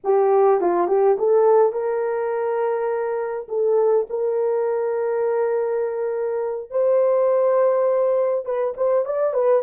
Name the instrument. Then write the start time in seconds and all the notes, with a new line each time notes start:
horn
0.03 G4
0.61 F4
0.87 G4
1.18 A4
1.72 A#4
3.48 A4
4.09 A#4
6.70 C5
8.45 B4
8.76 C5
9.05 D5
9.33 B4